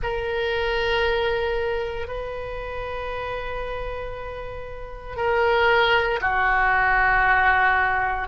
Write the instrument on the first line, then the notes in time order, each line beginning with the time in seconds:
oboe
0.03 A#4
2.07 B4
5.16 A#4
6.21 F#4